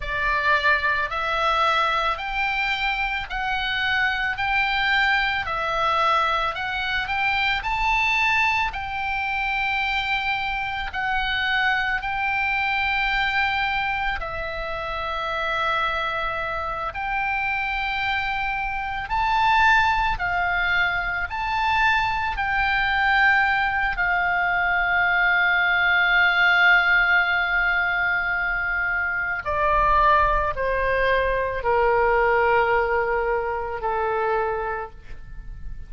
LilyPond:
\new Staff \with { instrumentName = "oboe" } { \time 4/4 \tempo 4 = 55 d''4 e''4 g''4 fis''4 | g''4 e''4 fis''8 g''8 a''4 | g''2 fis''4 g''4~ | g''4 e''2~ e''8 g''8~ |
g''4. a''4 f''4 a''8~ | a''8 g''4. f''2~ | f''2. d''4 | c''4 ais'2 a'4 | }